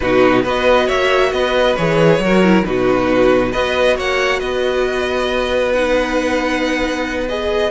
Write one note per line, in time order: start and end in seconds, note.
0.00 0.44 B2
0.00 0.45 D#4
0.00 0.43 F#4
0.00 0.43 B4
0.43 0.88 B3
0.43 1.77 F#4
0.43 0.86 B4
0.43 0.88 D#5
0.86 1.32 A#3
0.86 1.30 C#5
0.86 1.32 E5
1.32 1.76 B3
1.32 2.22 B4
1.32 1.75 D#5
1.75 2.18 E3
1.75 2.22 G#4
1.75 2.63 C#5
2.18 2.62 F#3
2.18 2.43 F#4
2.18 2.67 A#4
2.43 2.64 E4
2.64 3.54 B2
2.64 3.52 D#4
2.64 3.51 F#4
2.64 3.52 B4
3.51 3.98 B3
3.51 5.74 F#4
3.51 3.95 B4
3.51 3.96 D#5
3.96 4.41 A#3
3.96 4.39 C#5
3.96 4.39 F#5
4.39 7.71 B3
4.39 7.70 B4
4.39 5.71 D#5
5.73 7.28 D#4
5.73 7.27 F#5
7.28 7.71 G#4
7.28 7.71 D#5